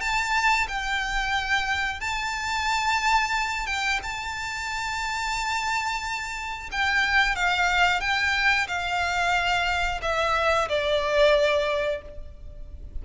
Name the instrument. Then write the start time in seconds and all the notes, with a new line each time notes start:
violin
0.00 A5
0.68 G5
2.00 A5
3.66 G5
4.03 A5
6.71 G5
7.35 F5
8.00 G5
8.67 F5
10.02 E5
10.68 D5